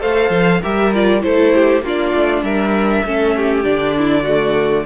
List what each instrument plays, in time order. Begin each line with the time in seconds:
0.00 cello A3, viola A4, violin C5 F5
0.30 cello F3
0.61 cello G3, viola G4, violin A#4 E5
0.94 viola F4, violin D5
1.21 cello A3, viola E4, violin A4 C5
1.55 violin G4
1.82 cello A#3, viola D4, violin F4 D5
2.15 cello A3
2.43 cello G3, violin A#4 E5
3.04 cello A3, viola C#4, violin A4
3.36 violin G4
3.64 cello D3, viola D4, violin D5
3.97 violin E4
4.23 viola A3, violin F#4